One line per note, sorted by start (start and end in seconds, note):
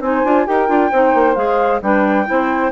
0.00 0.23 C4
0.00 0.25 D#4
0.00 0.46 C5
0.00 0.47 G#5
0.25 0.47 D4
0.25 0.46 F4
0.46 0.69 D#4
0.46 0.68 G4
0.46 0.91 A#4
0.46 1.35 G5
0.68 0.92 D4
0.68 0.90 F4
0.91 1.14 C4
0.91 1.36 D#4
0.91 1.82 C5
1.14 1.36 A#3
1.35 1.82 G#3
1.35 1.81 G#4
1.35 1.80 F5
1.82 2.27 G3
1.82 2.26 D4
1.82 2.27 B4
1.82 2.72 G5
2.26 2.72 C4
2.26 2.71 E4
2.26 2.72 C5